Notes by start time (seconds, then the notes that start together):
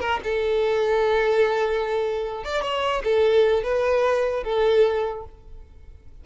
0.00 A#4
0.24 A4
2.44 D5
2.62 C#5
3.04 A4
3.63 B4
4.44 A4